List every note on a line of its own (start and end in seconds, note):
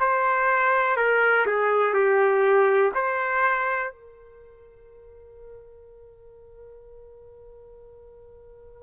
0.00 0.97 C5
0.97 1.46 A#4
1.46 1.94 G#4
1.94 2.92 G4
2.95 3.92 C5
3.92 8.83 A#4